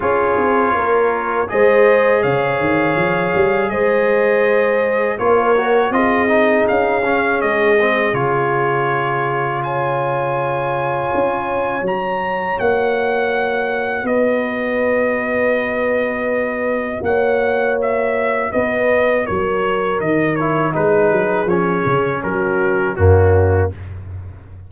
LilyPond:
<<
  \new Staff \with { instrumentName = "trumpet" } { \time 4/4 \tempo 4 = 81 cis''2 dis''4 f''4~ | f''4 dis''2 cis''4 | dis''4 f''4 dis''4 cis''4~ | cis''4 gis''2. |
ais''4 fis''2 dis''4~ | dis''2. fis''4 | e''4 dis''4 cis''4 dis''8 cis''8 | b'4 cis''4 ais'4 fis'4 | }
  \new Staff \with { instrumentName = "horn" } { \time 4/4 gis'4 ais'4 c''4 cis''4~ | cis''4 c''2 ais'4 | gis'1~ | gis'4 cis''2.~ |
cis''2. b'4~ | b'2. cis''4~ | cis''4 b'4 ais'2 | gis'2 fis'4 cis'4 | }
  \new Staff \with { instrumentName = "trombone" } { \time 4/4 f'2 gis'2~ | gis'2. f'8 fis'8 | f'8 dis'4 cis'4 c'8 f'4~ | f'1 |
fis'1~ | fis'1~ | fis'2.~ fis'8 e'8 | dis'4 cis'2 ais4 | }
  \new Staff \with { instrumentName = "tuba" } { \time 4/4 cis'8 c'8 ais4 gis4 cis8 dis8 | f8 g8 gis2 ais4 | c'4 cis'4 gis4 cis4~ | cis2. cis'4 |
fis4 ais2 b4~ | b2. ais4~ | ais4 b4 fis4 dis4 | gis8 fis8 f8 cis8 fis4 fis,4 | }
>>